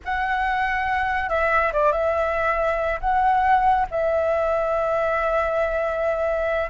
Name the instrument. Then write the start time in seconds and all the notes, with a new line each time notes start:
flute
0.04 F#5
1.29 E5
1.72 D5
1.92 E5
3.00 F#5
3.90 E5